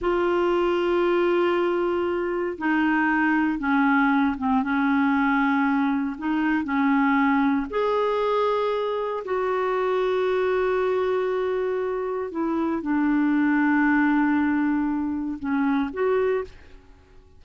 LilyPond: \new Staff \with { instrumentName = "clarinet" } { \time 4/4 \tempo 4 = 117 f'1~ | f'4 dis'2 cis'4~ | cis'8 c'8 cis'2. | dis'4 cis'2 gis'4~ |
gis'2 fis'2~ | fis'1 | e'4 d'2.~ | d'2 cis'4 fis'4 | }